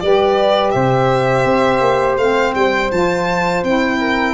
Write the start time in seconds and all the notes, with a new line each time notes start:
0.00 G3 G4 B4 D5
0.71 C3 C5 E5
1.45 C4
1.80 A#3
2.17 A3 C4 F5
2.55 G3 G5
2.91 F3 F4 A5
3.63 C4 E4 G5
3.99 A#4